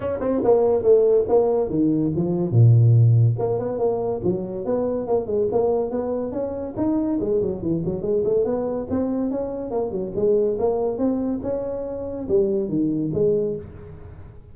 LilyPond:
\new Staff \with { instrumentName = "tuba" } { \time 4/4 \tempo 4 = 142 cis'8 c'8 ais4 a4 ais4 | dis4 f4 ais,2 | ais8 b8 ais4 fis4 b4 | ais8 gis8 ais4 b4 cis'4 |
dis'4 gis8 fis8 e8 fis8 gis8 a8 | b4 c'4 cis'4 ais8 fis8 | gis4 ais4 c'4 cis'4~ | cis'4 g4 dis4 gis4 | }